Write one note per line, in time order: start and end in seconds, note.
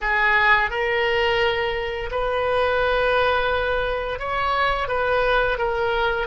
0.01 0.70 G#4
0.70 2.10 A#4
2.11 4.19 B4
4.19 4.88 C#5
4.88 5.58 B4
5.58 6.27 A#4